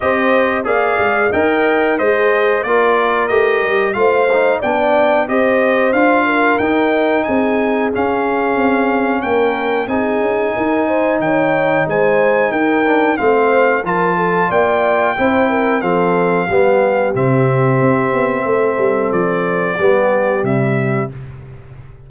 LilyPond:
<<
  \new Staff \with { instrumentName = "trumpet" } { \time 4/4 \tempo 4 = 91 dis''4 f''4 g''4 dis''4 | d''4 dis''4 f''4 g''4 | dis''4 f''4 g''4 gis''4 | f''2 g''4 gis''4~ |
gis''4 g''4 gis''4 g''4 | f''4 a''4 g''2 | f''2 e''2~ | e''4 d''2 e''4 | }
  \new Staff \with { instrumentName = "horn" } { \time 4/4 c''4 d''4 dis''4 gis'4 | ais'2 c''4 d''4 | c''4. ais'4. gis'4~ | gis'2 ais'4 gis'4 |
ais'8 c''8 cis''4 c''4 ais'4 | c''4 ais'8 a'8 d''4 c''8 ais'8 | a'4 g'2. | a'2 g'2 | }
  \new Staff \with { instrumentName = "trombone" } { \time 4/4 g'4 gis'4 ais'4 c''4 | f'4 g'4 f'8 dis'8 d'4 | g'4 f'4 dis'2 | cis'2. dis'4~ |
dis'2.~ dis'8 d'8 | c'4 f'2 e'4 | c'4 b4 c'2~ | c'2 b4 g4 | }
  \new Staff \with { instrumentName = "tuba" } { \time 4/4 c'4 ais8 gis8 dis'4 gis4 | ais4 a8 g8 a4 b4 | c'4 d'4 dis'4 c'4 | cis'4 c'4 ais4 c'8 cis'8 |
dis'4 dis4 gis4 dis'4 | a4 f4 ais4 c'4 | f4 g4 c4 c'8 b8 | a8 g8 f4 g4 c4 | }
>>